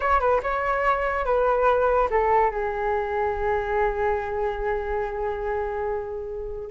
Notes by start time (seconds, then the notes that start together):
0.00 C#5
0.19 B4
0.42 C#5
1.25 B4
2.10 A4
2.51 G#4